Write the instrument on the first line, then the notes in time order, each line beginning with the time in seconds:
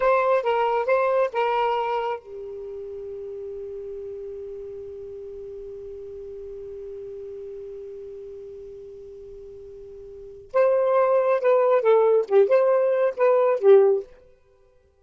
saxophone
0.00 C5
0.42 A#4
0.86 C5
1.33 A#4
2.19 G4
10.53 C5
11.40 B4
11.81 A4
12.28 G4
12.48 C5
13.16 B4
13.59 G4